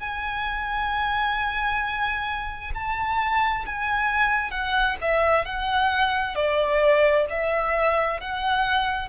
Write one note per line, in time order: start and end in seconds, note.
0.00 2.73 G#5
2.75 3.66 A5
3.67 4.51 G#5
4.51 4.97 F#5
5.02 5.46 E5
5.46 6.36 F#5
6.36 7.26 D5
7.30 8.21 E5
8.21 9.09 F#5